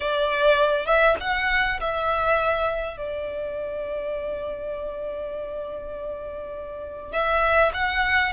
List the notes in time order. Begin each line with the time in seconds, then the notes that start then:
0.00 D5
0.86 E5
1.20 F#5
1.80 E5
2.97 D5
7.12 E5
7.73 F#5